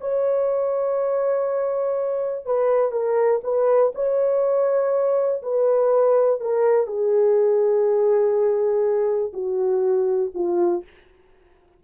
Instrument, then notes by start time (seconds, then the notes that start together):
horn
0.00 C#5
2.45 B4
2.91 A#4
3.43 B4
3.94 C#5
5.42 B4
6.40 A#4
6.86 G#4
9.33 F#4
10.34 F4